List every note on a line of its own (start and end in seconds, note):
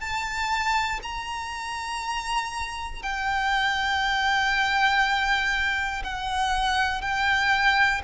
0.00 1.00 A5
1.02 3.02 A#5
3.03 6.03 G5
6.04 7.01 F#5
7.01 8.01 G5